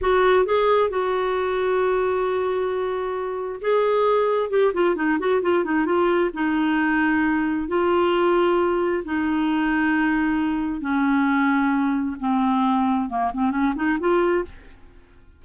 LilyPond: \new Staff \with { instrumentName = "clarinet" } { \time 4/4 \tempo 4 = 133 fis'4 gis'4 fis'2~ | fis'1 | gis'2 g'8 f'8 dis'8 fis'8 | f'8 dis'8 f'4 dis'2~ |
dis'4 f'2. | dis'1 | cis'2. c'4~ | c'4 ais8 c'8 cis'8 dis'8 f'4 | }